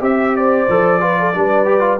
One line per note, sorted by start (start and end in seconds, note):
0.00 0.67 C4
0.00 0.66 G4
0.00 0.36 E5
0.36 1.02 C5
0.36 2.00 D5
0.69 1.35 F3
0.69 1.00 A4
1.00 1.33 F4
1.00 1.18 B4
1.19 1.36 A4
1.34 2.00 G3
1.34 1.65 D4
1.34 2.00 B4
1.65 1.80 G4
1.80 1.97 F4